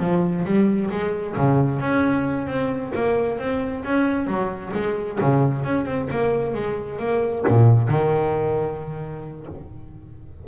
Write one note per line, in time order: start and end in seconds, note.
0.00 0.45 F3
0.45 0.90 G3
0.91 1.36 G#3
1.37 1.80 C#3
1.80 2.47 C#4
2.47 2.92 C4
2.95 3.39 A#3
3.39 3.84 C4
3.85 4.27 C#4
4.27 4.72 F#3
4.74 5.19 G#3
5.21 5.64 C#3
5.64 5.86 C#4
5.86 6.08 C4
6.11 6.54 A#3
6.54 6.99 G#3
6.99 7.45 A#3
7.48 7.89 A#2
7.89 9.47 D#3